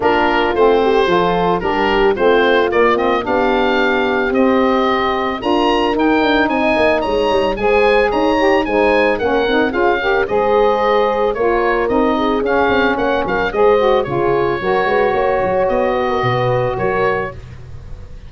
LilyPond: <<
  \new Staff \with { instrumentName = "oboe" } { \time 4/4 \tempo 4 = 111 ais'4 c''2 ais'4 | c''4 d''8 dis''8 f''2 | dis''2 ais''4 g''4 | gis''4 ais''4 gis''4 ais''4 |
gis''4 fis''4 f''4 dis''4~ | dis''4 cis''4 dis''4 f''4 | fis''8 f''8 dis''4 cis''2~ | cis''4 dis''2 cis''4 | }
  \new Staff \with { instrumentName = "horn" } { \time 4/4 f'4. g'8 a'4 g'4 | f'2 g'2~ | g'2 ais'2 | dis''4 cis''4 c''4 cis''4 |
c''4 ais'4 gis'8 ais'8 c''4~ | c''4 ais'4. gis'4. | cis''8 ais'8 c''4 gis'4 ais'8 b'8 | cis''4. b'16 ais'16 b'4 ais'4 | }
  \new Staff \with { instrumentName = "saxophone" } { \time 4/4 d'4 c'4 f'4 d'4 | c'4 ais8 c'8 d'2 | c'2 f'4 dis'4~ | dis'2 gis'4. g'8 |
dis'4 cis'8 dis'8 f'8 g'8 gis'4~ | gis'4 f'4 dis'4 cis'4~ | cis'4 gis'8 fis'8 f'4 fis'4~ | fis'1 | }
  \new Staff \with { instrumentName = "tuba" } { \time 4/4 ais4 a4 f4 g4 | a4 ais4 b2 | c'2 d'4 dis'8 d'8 | c'8 ais8 gis8 g8 gis4 dis'4 |
gis4 ais8 c'8 cis'4 gis4~ | gis4 ais4 c'4 cis'8 c'8 | ais8 fis8 gis4 cis4 fis8 gis8 | ais8 fis8 b4 b,4 fis4 | }
>>